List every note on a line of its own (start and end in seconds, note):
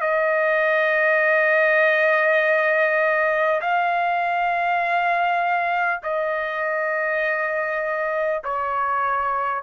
0.00 3.60 D#5
3.61 6.01 F5
6.03 8.43 D#5
8.43 9.63 C#5